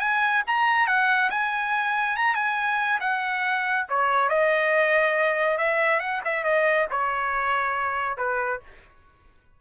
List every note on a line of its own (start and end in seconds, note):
0.00 0.43 G#5
0.48 0.87 A#5
0.87 1.30 F#5
1.31 2.16 G#5
2.17 2.36 A#5
2.36 3.00 G#5
3.01 3.86 F#5
3.89 4.30 C#5
4.30 5.58 D#5
5.58 6.00 E5
6.00 6.22 F#5
6.25 6.44 E5
6.44 6.87 D#5
6.91 8.18 C#5
8.18 8.61 B4